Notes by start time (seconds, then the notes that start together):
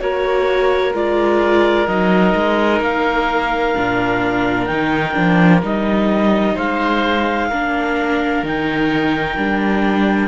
0.00 A#3 F#4 A#4 C#5
0.94 G#3 F4 D5
1.88 F#3 D#4 D#5
2.35 G#3
2.81 A#3 F5
3.76 A#2 D4
4.66 D#3 D#4 G5
5.14 F3 D4
5.63 G3 D#4 D#5
6.55 G#3 C5 F5
7.50 A#3 D4 A#4
8.43 D#3 D#4 G5
9.37 G3 D4